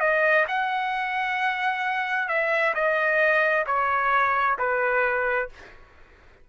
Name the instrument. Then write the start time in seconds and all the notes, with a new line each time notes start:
trumpet
0.00 D#5
0.48 F#5
2.29 E5
2.74 D#5
3.66 C#5
4.59 B4